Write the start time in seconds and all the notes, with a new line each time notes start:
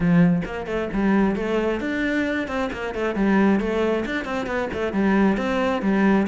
0.00 F3
0.45 A#3
0.66 A3
0.93 G3
1.35 A3
1.80 D4
2.47 C4
2.72 A#3
2.94 A3
3.15 G3
3.59 A3
4.05 D4
4.25 C4
4.46 B3
4.73 A3
4.93 G3
5.37 C4
5.81 G3